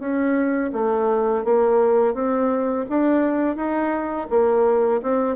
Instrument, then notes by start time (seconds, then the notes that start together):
bassoon
0.00 C#4
0.73 A3
1.45 A#3
2.15 C4
2.90 D4
3.56 D#4
4.31 A#3
5.03 C4